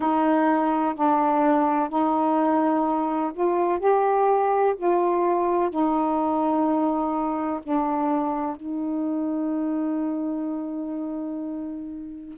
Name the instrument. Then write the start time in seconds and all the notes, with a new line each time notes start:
saxophone
0.00 D#4
0.95 D4
1.89 D#4
3.33 F4
3.79 G4
4.76 F4
5.69 D#4
7.62 D4
8.56 D#4